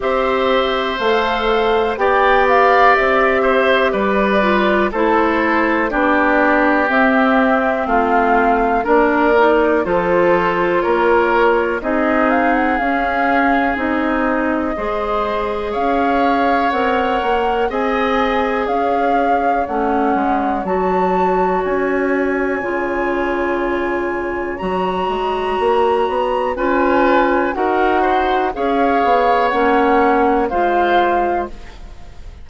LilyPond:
<<
  \new Staff \with { instrumentName = "flute" } { \time 4/4 \tempo 4 = 61 e''4 f''4 g''8 f''8 e''4 | d''4 c''4 d''4 e''4 | f''4 d''4 c''4 cis''4 | dis''8 f''16 fis''16 f''4 dis''2 |
f''4 fis''4 gis''4 f''4 | fis''4 a''4 gis''2~ | gis''4 ais''2 gis''4 | fis''4 f''4 fis''4 f''4 | }
  \new Staff \with { instrumentName = "oboe" } { \time 4/4 c''2 d''4. c''8 | b'4 a'4 g'2 | f'4 ais'4 a'4 ais'4 | gis'2. c''4 |
cis''2 dis''4 cis''4~ | cis''1~ | cis''2. b'4 | ais'8 c''8 cis''2 c''4 | }
  \new Staff \with { instrumentName = "clarinet" } { \time 4/4 g'4 a'4 g'2~ | g'8 f'8 e'4 d'4 c'4~ | c'4 d'8 dis'8 f'2 | dis'4 cis'4 dis'4 gis'4~ |
gis'4 ais'4 gis'2 | cis'4 fis'2 f'4~ | f'4 fis'2 f'4 | fis'4 gis'4 cis'4 f'4 | }
  \new Staff \with { instrumentName = "bassoon" } { \time 4/4 c'4 a4 b4 c'4 | g4 a4 b4 c'4 | a4 ais4 f4 ais4 | c'4 cis'4 c'4 gis4 |
cis'4 c'8 ais8 c'4 cis'4 | a8 gis8 fis4 cis'4 cis4~ | cis4 fis8 gis8 ais8 b8 cis'4 | dis'4 cis'8 b8 ais4 gis4 | }
>>